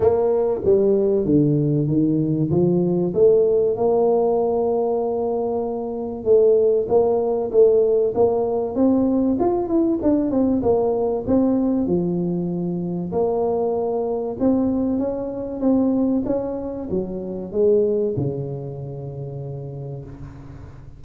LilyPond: \new Staff \with { instrumentName = "tuba" } { \time 4/4 \tempo 4 = 96 ais4 g4 d4 dis4 | f4 a4 ais2~ | ais2 a4 ais4 | a4 ais4 c'4 f'8 e'8 |
d'8 c'8 ais4 c'4 f4~ | f4 ais2 c'4 | cis'4 c'4 cis'4 fis4 | gis4 cis2. | }